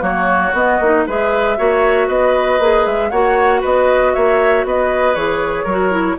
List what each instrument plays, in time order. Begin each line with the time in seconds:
0.00 bassoon F#3, clarinet A#3, oboe F#4, flute C#5
0.53 bassoon B3, clarinet B3, flute D#5
0.80 bassoon A#3, clarinet D#4
1.06 bassoon G#3, clarinet G#4, oboe B4, flute E5
1.57 bassoon A#3, clarinet F#4, oboe C#5
2.07 bassoon B3, oboe B4, flute D#5
2.59 bassoon A#3, clarinet G#4
2.86 bassoon G#3, flute E5
3.10 bassoon A#3, clarinet F#4, oboe C#5, flute F#5
3.61 bassoon B3, oboe B4, flute D#5
4.14 bassoon A#3, oboe C#5, flute E5
4.64 bassoon B3, oboe B4, flute D#5
5.15 bassoon E3, clarinet G#4, flute C#5
5.64 bassoon F#3, oboe A#4
5.70 clarinet F#4
5.91 clarinet E4